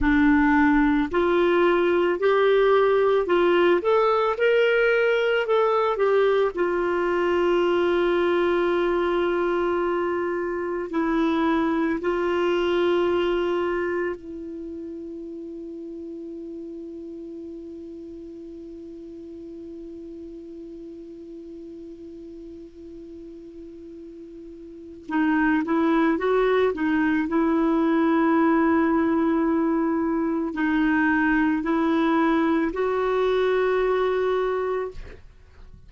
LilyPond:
\new Staff \with { instrumentName = "clarinet" } { \time 4/4 \tempo 4 = 55 d'4 f'4 g'4 f'8 a'8 | ais'4 a'8 g'8 f'2~ | f'2 e'4 f'4~ | f'4 e'2.~ |
e'1~ | e'2. dis'8 e'8 | fis'8 dis'8 e'2. | dis'4 e'4 fis'2 | }